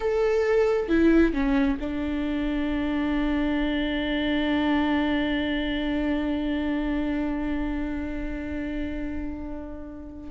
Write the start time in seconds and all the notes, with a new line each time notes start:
0.00 A4
0.88 E4
1.33 C#4
1.80 D4